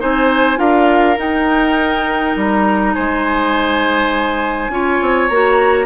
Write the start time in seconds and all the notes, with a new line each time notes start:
0.00 C4 D#4 C5 G#5
0.57 D4 F4 A#4 F5
1.17 D#4 G5
2.36 G3 A#5
2.94 G#3 C5 G#5
4.69 C#4 F4 C#5
5.02 C4
5.29 A#3 F#4 A#5